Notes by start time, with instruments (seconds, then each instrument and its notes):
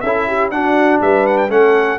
0.00 tuba C#4, trombone E4, horn A4, trumpet E5
0.27 horn G4
0.50 tuba D4, trombone D4, horn F#4, trumpet F#5
1.01 tuba G3, horn B4, trumpet E5
1.26 trumpet F#5
1.37 trumpet G5
1.49 tuba A3, trombone C#4, horn A4, trumpet F#5